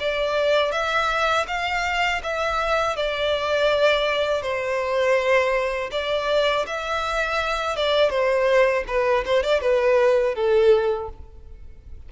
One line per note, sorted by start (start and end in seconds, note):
0.00 0.72 D5
0.72 1.46 E5
1.47 2.22 F5
2.23 2.97 E5
2.97 4.42 D5
4.42 5.91 C5
5.92 6.66 D5
6.67 7.76 E5
7.76 8.10 D5
8.10 8.84 C5
8.88 9.25 B4
9.26 9.43 C5
9.43 9.62 D5
9.62 10.35 B4
10.35 11.09 A4